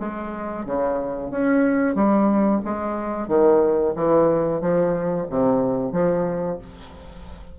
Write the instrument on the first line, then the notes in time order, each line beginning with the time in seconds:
bassoon
0.00 G#3
0.66 C#3
1.31 C#4
1.95 G3
2.65 G#3
3.28 D#3
3.96 E3
4.62 F3
5.30 C3
5.93 F3